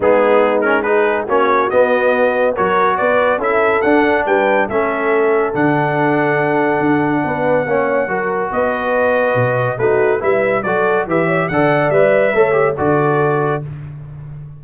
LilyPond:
<<
  \new Staff \with { instrumentName = "trumpet" } { \time 4/4 \tempo 4 = 141 gis'4. ais'8 b'4 cis''4 | dis''2 cis''4 d''4 | e''4 fis''4 g''4 e''4~ | e''4 fis''2.~ |
fis''1 | dis''2. b'4 | e''4 d''4 e''4 fis''4 | e''2 d''2 | }
  \new Staff \with { instrumentName = "horn" } { \time 4/4 dis'2 gis'4 fis'4~ | fis'2 ais'4 b'4 | a'2 b'4 a'4~ | a'1~ |
a'4 b'4 cis''4 ais'4 | b'2. fis'4 | b'4 a'4 b'8 cis''8 d''4~ | d''4 cis''4 a'2 | }
  \new Staff \with { instrumentName = "trombone" } { \time 4/4 b4. cis'8 dis'4 cis'4 | b2 fis'2 | e'4 d'2 cis'4~ | cis'4 d'2.~ |
d'2 cis'4 fis'4~ | fis'2. dis'4 | e'4 fis'4 g'4 a'4 | b'4 a'8 g'8 fis'2 | }
  \new Staff \with { instrumentName = "tuba" } { \time 4/4 gis2. ais4 | b2 fis4 b4 | cis'4 d'4 g4 a4~ | a4 d2. |
d'4 b4 ais4 fis4 | b2 b,4 a4 | g4 fis4 e4 d4 | g4 a4 d2 | }
>>